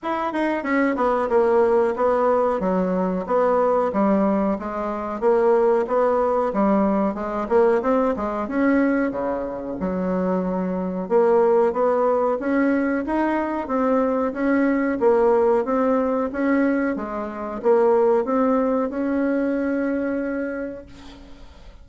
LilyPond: \new Staff \with { instrumentName = "bassoon" } { \time 4/4 \tempo 4 = 92 e'8 dis'8 cis'8 b8 ais4 b4 | fis4 b4 g4 gis4 | ais4 b4 g4 gis8 ais8 | c'8 gis8 cis'4 cis4 fis4~ |
fis4 ais4 b4 cis'4 | dis'4 c'4 cis'4 ais4 | c'4 cis'4 gis4 ais4 | c'4 cis'2. | }